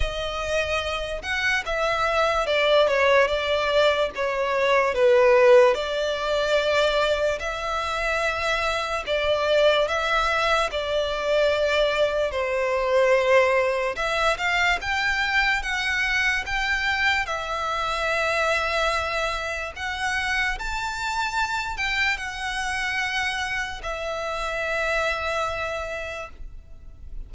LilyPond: \new Staff \with { instrumentName = "violin" } { \time 4/4 \tempo 4 = 73 dis''4. fis''8 e''4 d''8 cis''8 | d''4 cis''4 b'4 d''4~ | d''4 e''2 d''4 | e''4 d''2 c''4~ |
c''4 e''8 f''8 g''4 fis''4 | g''4 e''2. | fis''4 a''4. g''8 fis''4~ | fis''4 e''2. | }